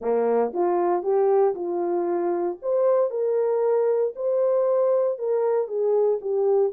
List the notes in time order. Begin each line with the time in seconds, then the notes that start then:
0.01 A#3
0.53 F4
1.02 G4
1.54 F4
2.62 C5
3.10 A#4
4.15 C5
5.18 A#4
5.67 G#4
6.21 G4